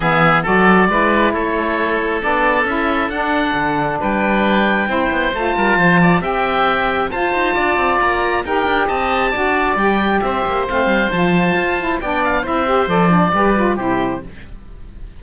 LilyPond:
<<
  \new Staff \with { instrumentName = "oboe" } { \time 4/4 \tempo 4 = 135 e''4 d''2 cis''4~ | cis''4 d''4 e''4 fis''4~ | fis''4 g''2. | a''2 g''2 |
a''2 ais''4 g''4 | a''2 g''4 e''4 | f''4 a''2 g''8 f''8 | e''4 d''2 c''4 | }
  \new Staff \with { instrumentName = "oboe" } { \time 4/4 gis'4 a'4 b'4 a'4~ | a'1~ | a'4 b'2 c''4~ | c''8 ais'8 c''8 d''8 e''2 |
c''4 d''2 ais'4 | dis''4 d''2 c''4~ | c''2. d''4 | c''2 b'4 g'4 | }
  \new Staff \with { instrumentName = "saxophone" } { \time 4/4 b4 fis'4 e'2~ | e'4 d'4 e'4 d'4~ | d'2. e'4 | f'2 g'2 |
f'2. g'4~ | g'4 fis'4 g'2 | c'4 f'4. e'8 d'4 | e'8 g'8 a'8 d'8 g'8 f'8 e'4 | }
  \new Staff \with { instrumentName = "cello" } { \time 4/4 e4 fis4 gis4 a4~ | a4 b4 cis'4 d'4 | d4 g2 c'8 b8 | a8 g8 f4 c'2 |
f'8 dis'8 d'8 c'8 ais4 dis'8 d'8 | c'4 d'4 g4 c'8 ais8 | a8 g8 f4 f'4 b4 | c'4 f4 g4 c4 | }
>>